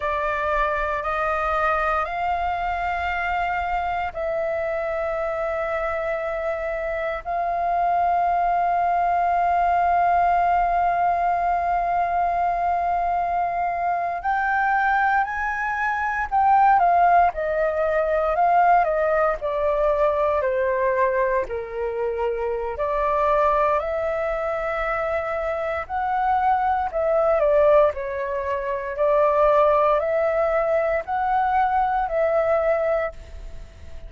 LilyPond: \new Staff \with { instrumentName = "flute" } { \time 4/4 \tempo 4 = 58 d''4 dis''4 f''2 | e''2. f''4~ | f''1~ | f''4.~ f''16 g''4 gis''4 g''16~ |
g''16 f''8 dis''4 f''8 dis''8 d''4 c''16~ | c''8. ais'4~ ais'16 d''4 e''4~ | e''4 fis''4 e''8 d''8 cis''4 | d''4 e''4 fis''4 e''4 | }